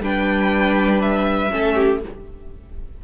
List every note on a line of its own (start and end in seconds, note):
0.00 1.50 G3
0.00 1.50 D4
0.00 1.52 B4
0.00 1.01 G5
1.01 2.01 E5
1.50 2.04 A3
1.50 2.00 C#4
1.50 1.75 A4
1.75 2.00 G4